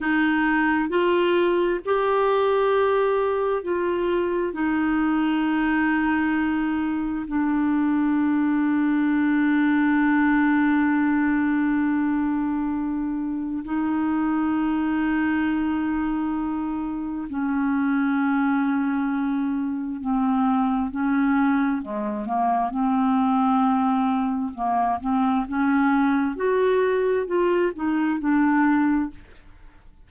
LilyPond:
\new Staff \with { instrumentName = "clarinet" } { \time 4/4 \tempo 4 = 66 dis'4 f'4 g'2 | f'4 dis'2. | d'1~ | d'2. dis'4~ |
dis'2. cis'4~ | cis'2 c'4 cis'4 | gis8 ais8 c'2 ais8 c'8 | cis'4 fis'4 f'8 dis'8 d'4 | }